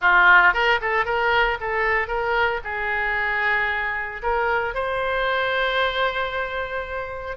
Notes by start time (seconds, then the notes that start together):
0.01 F4
0.53 A#4
0.81 A4
1.05 A#4
1.60 A4
2.07 A#4
2.64 G#4
4.22 A#4
4.74 C5